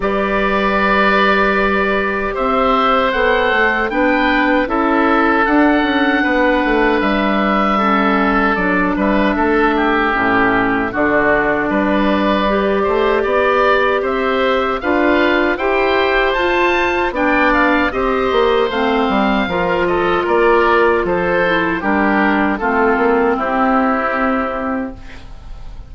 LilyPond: <<
  \new Staff \with { instrumentName = "oboe" } { \time 4/4 \tempo 4 = 77 d''2. e''4 | fis''4 g''4 e''4 fis''4~ | fis''4 e''2 d''8 e''8~ | e''2 d''2~ |
d''2 e''4 f''4 | g''4 a''4 g''8 f''8 dis''4 | f''4. dis''8 d''4 c''4 | ais'4 a'4 g'2 | }
  \new Staff \with { instrumentName = "oboe" } { \time 4/4 b'2. c''4~ | c''4 b'4 a'2 | b'2 a'4. b'8 | a'8 g'4. fis'4 b'4~ |
b'8 c''8 d''4 c''4 b'4 | c''2 d''4 c''4~ | c''4 ais'8 a'8 ais'4 a'4 | g'4 f'4 e'2 | }
  \new Staff \with { instrumentName = "clarinet" } { \time 4/4 g'1 | a'4 d'4 e'4 d'4~ | d'2 cis'4 d'4~ | d'4 cis'4 d'2 |
g'2. f'4 | g'4 f'4 d'4 g'4 | c'4 f'2~ f'8 e'8 | d'4 c'2. | }
  \new Staff \with { instrumentName = "bassoon" } { \time 4/4 g2. c'4 | b8 a8 b4 cis'4 d'8 cis'8 | b8 a8 g2 fis8 g8 | a4 a,4 d4 g4~ |
g8 a8 b4 c'4 d'4 | e'4 f'4 b4 c'8 ais8 | a8 g8 f4 ais4 f4 | g4 a8 ais8 c'2 | }
>>